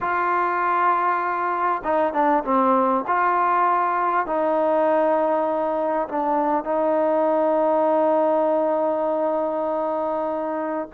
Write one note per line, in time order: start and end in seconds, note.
0.00 1.82 F4
1.83 2.13 D#4
2.13 2.43 D4
2.44 3.04 C4
3.07 4.26 F4
4.26 6.08 D#4
6.08 6.64 D4
6.64 10.88 D#4